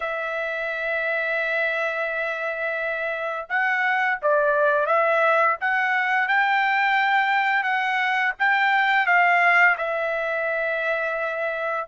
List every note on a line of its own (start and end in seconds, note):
0.00 3.46 E5
3.49 4.19 F#5
4.22 4.86 D5
4.86 5.56 E5
5.60 6.28 F#5
6.28 7.63 G5
7.63 8.32 F#5
8.39 9.06 G5
9.06 9.76 F5
9.77 11.87 E5